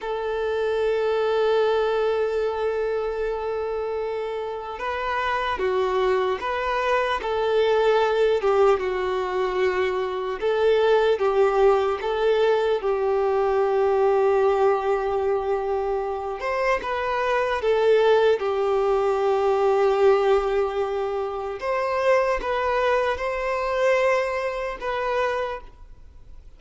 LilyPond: \new Staff \with { instrumentName = "violin" } { \time 4/4 \tempo 4 = 75 a'1~ | a'2 b'4 fis'4 | b'4 a'4. g'8 fis'4~ | fis'4 a'4 g'4 a'4 |
g'1~ | g'8 c''8 b'4 a'4 g'4~ | g'2. c''4 | b'4 c''2 b'4 | }